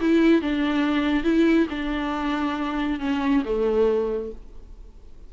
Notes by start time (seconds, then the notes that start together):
0.00 E4
0.41 D4
1.23 E4
1.69 D4
2.99 C#4
3.44 A3